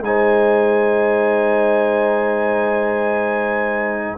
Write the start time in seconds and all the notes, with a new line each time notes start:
0.00 G#3 D#4 G#5
0.06 C5